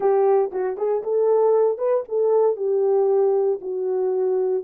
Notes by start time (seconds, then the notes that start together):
0.00 G4
0.52 F#4
0.77 G#4
1.03 A4
1.78 B4
2.08 A4
2.56 G4
3.61 F#4